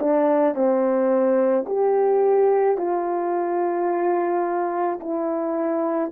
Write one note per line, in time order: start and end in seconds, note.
0.00 0.55 D4
0.55 1.66 C4
1.67 2.78 G4
2.78 5.00 F4
5.01 6.12 E4